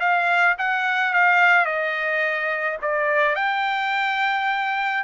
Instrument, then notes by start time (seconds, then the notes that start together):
trumpet
0.00 F5
0.58 F#5
1.13 F5
1.65 D#5
2.82 D5
3.35 G5